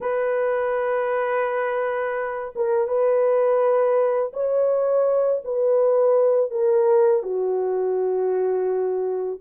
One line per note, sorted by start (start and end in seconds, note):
0.00 2.53 B4
2.55 2.87 A#4
2.87 4.32 B4
4.33 5.42 C#5
5.44 6.51 B4
6.51 7.22 A#4
7.22 9.39 F#4